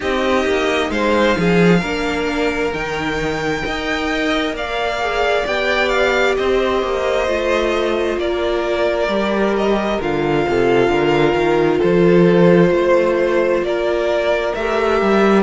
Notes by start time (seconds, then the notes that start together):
0.00 C4 D#4 G4 D#5
0.45 A#3
0.90 G#3 C5 F5
1.37 F3 G#4
1.79 A#3 D4 A#4
2.72 D#3 D#4 G5
3.62 D#4 A#4 D#5
4.53 A#3 D5 F5
5.00 G#4
5.45 B3 G4 G5
5.88 F5
6.36 C4 C5 D#5
6.82 A#3
7.27 A3 F4
8.17 A#3 A#4 D5
9.08 G3 G4
9.55 D#5
10.00 D3 F4 F5
10.48 C3 A4
10.88 D3 A#4
11.34 D#3
11.79 F3 A4 C5
12.71 A3 C5
13.62 A#3 A#4 D5
14.55 A3 G4 E5
15.01 G3